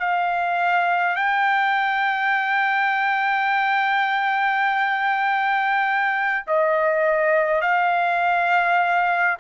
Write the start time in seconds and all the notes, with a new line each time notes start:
0.00 F5
1.17 G5
6.47 D#5
7.61 F5